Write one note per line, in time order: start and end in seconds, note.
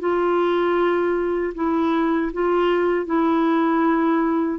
0.00 1.54 F4
1.55 2.32 E4
2.34 3.06 F4
3.06 4.59 E4